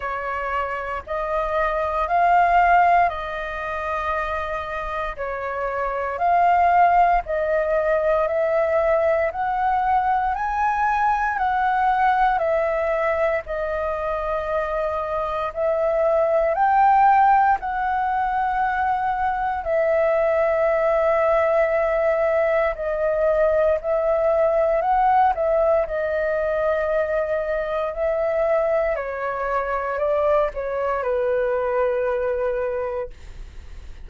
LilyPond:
\new Staff \with { instrumentName = "flute" } { \time 4/4 \tempo 4 = 58 cis''4 dis''4 f''4 dis''4~ | dis''4 cis''4 f''4 dis''4 | e''4 fis''4 gis''4 fis''4 | e''4 dis''2 e''4 |
g''4 fis''2 e''4~ | e''2 dis''4 e''4 | fis''8 e''8 dis''2 e''4 | cis''4 d''8 cis''8 b'2 | }